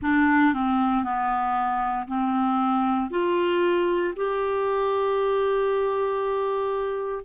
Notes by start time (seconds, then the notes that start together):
0.02 D4
0.53 C4
1.03 B3
2.07 C4
3.10 F4
4.16 G4